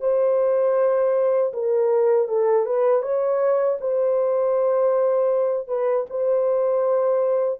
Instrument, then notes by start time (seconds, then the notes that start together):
horn
0.00 C5
1.53 A#4
2.28 A4
2.66 B4
3.02 C#5
3.80 C5
5.68 B4
6.10 C5